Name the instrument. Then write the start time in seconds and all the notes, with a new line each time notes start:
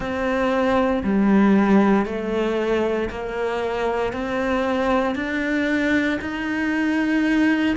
cello
0.00 C4
1.03 G3
2.05 A3
3.10 A#3
4.12 C4
5.15 D4
6.21 D#4